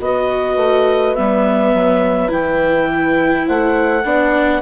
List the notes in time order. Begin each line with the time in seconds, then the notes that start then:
0.00 B3 F#4 B4 D#5
0.57 A3
1.15 G3 B3 E5
1.74 F#3
2.29 E3 E4 G5
3.47 A3 C5 F#5
4.05 B3 D4 D5